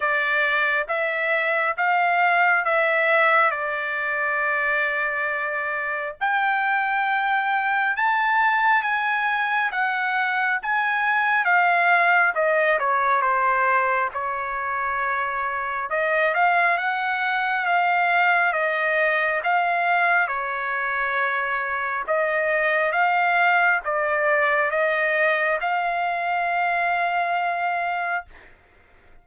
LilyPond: \new Staff \with { instrumentName = "trumpet" } { \time 4/4 \tempo 4 = 68 d''4 e''4 f''4 e''4 | d''2. g''4~ | g''4 a''4 gis''4 fis''4 | gis''4 f''4 dis''8 cis''8 c''4 |
cis''2 dis''8 f''8 fis''4 | f''4 dis''4 f''4 cis''4~ | cis''4 dis''4 f''4 d''4 | dis''4 f''2. | }